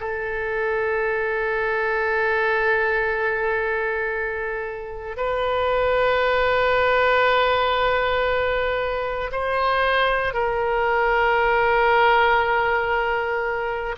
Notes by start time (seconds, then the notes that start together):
0.00 A4
5.17 B4
9.32 C5
10.34 A#4